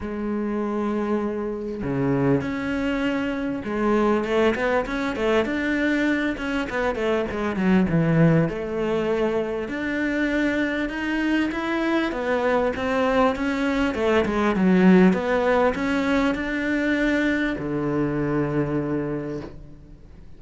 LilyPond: \new Staff \with { instrumentName = "cello" } { \time 4/4 \tempo 4 = 99 gis2. cis4 | cis'2 gis4 a8 b8 | cis'8 a8 d'4. cis'8 b8 a8 | gis8 fis8 e4 a2 |
d'2 dis'4 e'4 | b4 c'4 cis'4 a8 gis8 | fis4 b4 cis'4 d'4~ | d'4 d2. | }